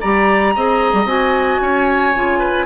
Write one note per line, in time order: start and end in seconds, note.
0.00 0.55 G3
0.00 0.56 G4
0.00 0.54 D5
0.00 1.07 A#5
0.55 0.93 C4
0.55 1.06 G#4
0.55 1.61 D#5
0.93 1.05 G3
1.05 1.58 C4
1.05 2.14 F#4
1.05 2.66 G#5
1.61 2.14 C#4
1.61 2.39 C#5
2.14 2.66 C#3
2.14 2.66 F4
2.39 2.65 B4